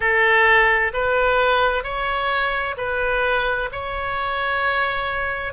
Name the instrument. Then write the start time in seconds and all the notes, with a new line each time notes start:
oboe
0.00 A4
0.93 B4
1.83 C#5
2.77 B4
3.72 C#5